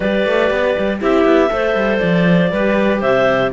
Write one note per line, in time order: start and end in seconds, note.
0.00 0.25 G3
0.00 0.99 G4
0.00 0.99 B4
0.00 1.00 D5
0.25 0.50 A3
0.50 0.75 B3
0.78 1.01 G3
1.00 1.24 C4
1.00 1.49 E4
1.00 1.50 G4
1.00 1.99 E5
1.24 1.49 B3
1.49 1.75 A3
1.49 2.50 A4
1.49 2.52 C5
1.75 2.00 G3
1.99 2.51 F3
1.99 2.99 D5
2.51 3.02 G3
2.51 3.52 G4
2.51 3.00 B4
3.00 3.52 C3
3.00 3.50 C5
3.00 3.52 E5